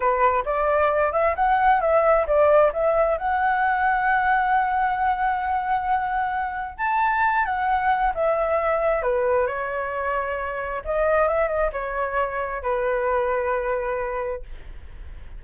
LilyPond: \new Staff \with { instrumentName = "flute" } { \time 4/4 \tempo 4 = 133 b'4 d''4. e''8 fis''4 | e''4 d''4 e''4 fis''4~ | fis''1~ | fis''2. a''4~ |
a''8 fis''4. e''2 | b'4 cis''2. | dis''4 e''8 dis''8 cis''2 | b'1 | }